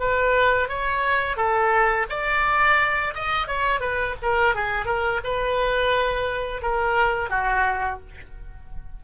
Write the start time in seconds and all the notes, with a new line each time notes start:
0.00 B4
0.69 C#5
1.36 A4
2.09 D5
3.15 D#5
3.48 C#5
3.80 B4
4.22 A#4
4.55 G#4
4.86 A#4
5.24 B4
6.62 A#4
7.30 F#4